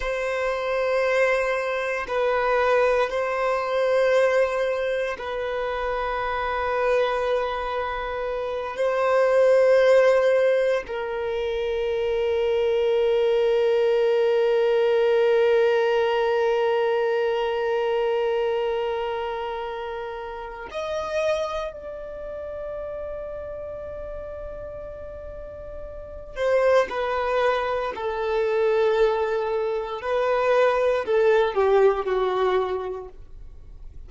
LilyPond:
\new Staff \with { instrumentName = "violin" } { \time 4/4 \tempo 4 = 58 c''2 b'4 c''4~ | c''4 b'2.~ | b'8 c''2 ais'4.~ | ais'1~ |
ais'1 | dis''4 d''2.~ | d''4. c''8 b'4 a'4~ | a'4 b'4 a'8 g'8 fis'4 | }